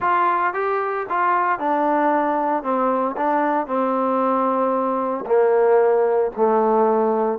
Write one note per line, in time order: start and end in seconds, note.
0.00 0.53 F4
0.53 1.06 G4
1.09 1.59 F4
1.59 2.63 D4
2.63 3.15 C4
3.17 3.66 D4
3.66 5.24 C4
5.26 6.31 A#3
6.36 7.38 A3